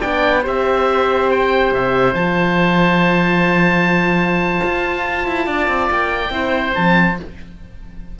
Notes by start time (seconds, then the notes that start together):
0.00 B3 D4 D5 G5
0.42 C4 G4 C5 E5
1.31 G5
1.72 C3 E5
2.14 F3 F4 A5
4.64 F4
5.27 E4
5.46 D4 D5
5.68 C4
5.91 A#3 G5
6.30 C4 E4 C5
6.74 F3 C4 A5